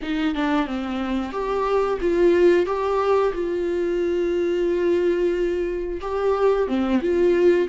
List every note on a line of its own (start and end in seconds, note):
0.02 0.35 D#4
0.35 0.66 D4
0.66 1.32 C4
1.32 1.98 G4
2.00 2.66 F4
2.66 3.32 G4
3.33 6.00 F4
6.01 6.67 G4
6.67 7.00 C4
7.01 7.68 F4